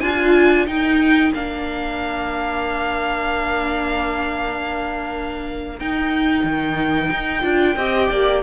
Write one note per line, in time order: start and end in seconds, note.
0.00 0.67 D4
0.00 0.68 F4
0.00 0.67 F4
0.00 0.66 G#5
0.67 1.33 D#4
0.67 7.76 A#4
0.67 1.33 G5
1.34 5.80 A#3
1.34 5.79 D4
1.34 5.79 F5
5.79 6.44 D#4
5.79 7.42 D#4
5.79 8.43 G5
6.44 7.10 D#3
7.11 7.43 D#4
7.42 7.76 D4
7.42 7.75 F4
7.76 8.09 C4
7.76 8.43 G4
7.76 8.09 D#5
8.10 8.43 A#3
8.10 8.43 D5